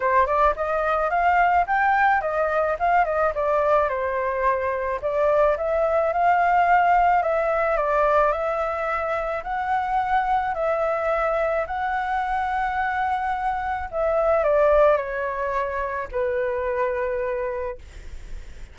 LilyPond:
\new Staff \with { instrumentName = "flute" } { \time 4/4 \tempo 4 = 108 c''8 d''8 dis''4 f''4 g''4 | dis''4 f''8 dis''8 d''4 c''4~ | c''4 d''4 e''4 f''4~ | f''4 e''4 d''4 e''4~ |
e''4 fis''2 e''4~ | e''4 fis''2.~ | fis''4 e''4 d''4 cis''4~ | cis''4 b'2. | }